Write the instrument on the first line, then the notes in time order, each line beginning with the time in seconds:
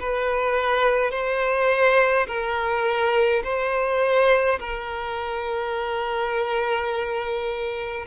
violin
0.00 B4
1.11 C5
2.27 A#4
3.44 C5
4.59 A#4